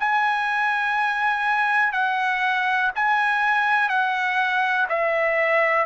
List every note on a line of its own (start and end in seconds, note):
0.00 1.93 G#5
1.93 2.92 F#5
2.96 3.89 G#5
3.89 4.87 F#5
4.89 5.86 E5